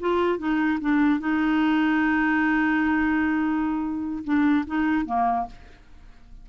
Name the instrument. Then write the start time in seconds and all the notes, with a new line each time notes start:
clarinet
0.00 F4
0.39 D#4
0.81 D4
1.20 D#4
4.24 D4
4.67 D#4
5.06 A#3